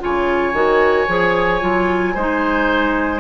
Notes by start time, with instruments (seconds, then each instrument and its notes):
0.00 bassoon C#3, clarinet F4, oboe C#5, flute G#5
0.53 bassoon D#3, clarinet F#4
1.08 bassoon F3, clarinet G#4
1.61 bassoon F#3, clarinet F4
2.14 bassoon G#3, clarinet D#4, oboe C5